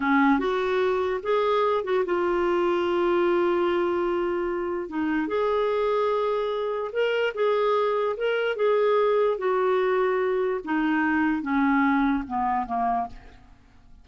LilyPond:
\new Staff \with { instrumentName = "clarinet" } { \time 4/4 \tempo 4 = 147 cis'4 fis'2 gis'4~ | gis'8 fis'8 f'2.~ | f'1 | dis'4 gis'2.~ |
gis'4 ais'4 gis'2 | ais'4 gis'2 fis'4~ | fis'2 dis'2 | cis'2 b4 ais4 | }